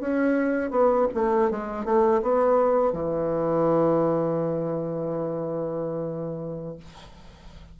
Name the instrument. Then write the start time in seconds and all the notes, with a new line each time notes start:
bassoon
0.00 C#4
0.70 B3
1.14 A3
1.50 G#3
1.85 A3
2.22 B3
2.92 E3